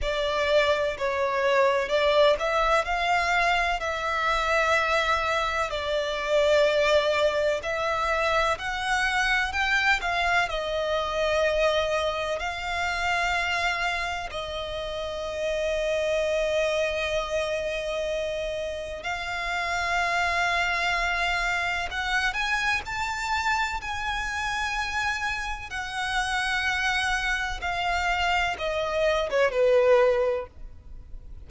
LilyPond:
\new Staff \with { instrumentName = "violin" } { \time 4/4 \tempo 4 = 63 d''4 cis''4 d''8 e''8 f''4 | e''2 d''2 | e''4 fis''4 g''8 f''8 dis''4~ | dis''4 f''2 dis''4~ |
dis''1 | f''2. fis''8 gis''8 | a''4 gis''2 fis''4~ | fis''4 f''4 dis''8. cis''16 b'4 | }